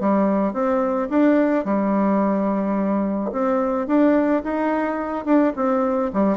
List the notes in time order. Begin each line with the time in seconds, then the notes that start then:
0.00 G3
0.53 C4
1.10 D4
1.65 G3
3.32 C4
3.87 D4
4.44 D#4
5.25 D4
5.56 C4
6.13 G3